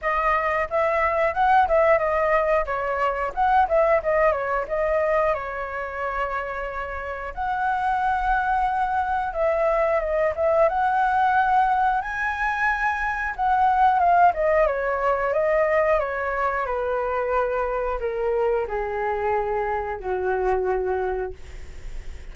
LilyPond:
\new Staff \with { instrumentName = "flute" } { \time 4/4 \tempo 4 = 90 dis''4 e''4 fis''8 e''8 dis''4 | cis''4 fis''8 e''8 dis''8 cis''8 dis''4 | cis''2. fis''4~ | fis''2 e''4 dis''8 e''8 |
fis''2 gis''2 | fis''4 f''8 dis''8 cis''4 dis''4 | cis''4 b'2 ais'4 | gis'2 fis'2 | }